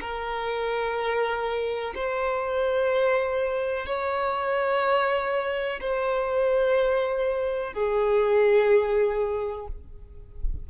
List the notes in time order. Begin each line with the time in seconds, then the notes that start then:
0.00 A#4
1.94 C5
3.86 C#5
5.80 C5
7.73 G#4